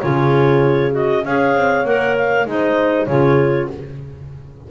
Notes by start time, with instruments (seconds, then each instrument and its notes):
0.00 double bass C#3, clarinet F4 C#5, horn G#4
0.91 clarinet F#4 D#5
1.25 double bass C#4, clarinet G#4 F5, horn C#5
1.55 double bass C4
1.84 double bass A#3, clarinet A#4 F#5
2.17 clarinet F5
2.46 double bass G#3, clarinet D#4 D#5, horn C5
3.06 double bass C#3, clarinet F4 C#5, horn G#4